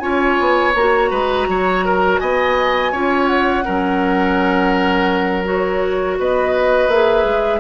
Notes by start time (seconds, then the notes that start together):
0.00 C#4 F4 C#5 G#5
0.40 B3
0.75 A#3 F#4 A#5
1.11 G#3 B4
1.48 F#3 C#5
1.85 A#4
2.19 B3 D#5 G#5
2.92 C#4 F4 C#5
3.27 F#5
3.65 F#3 C#4 A#4
5.45 F#4 C#5
6.19 B3 B4 D#5
6.88 A#3 G#4 E5
7.24 G#3